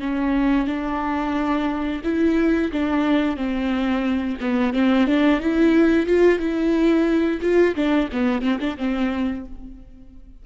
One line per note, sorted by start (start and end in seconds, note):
0.00 0.66 C#4
0.66 2.01 D4
2.03 2.71 E4
2.72 3.36 D4
3.36 4.37 C4
4.41 4.73 B3
4.73 5.07 C4
5.07 5.39 D4
5.39 6.06 E4
6.06 6.39 F4
6.39 7.40 E4
7.41 7.75 F4
7.75 8.09 D4
8.12 8.41 B3
8.41 8.58 C4
8.60 8.77 D4
8.77 9.44 C4